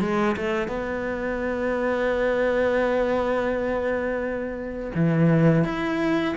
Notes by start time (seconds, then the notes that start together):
0.00 G#3
0.36 A3
0.68 B3
4.94 E3
5.64 E4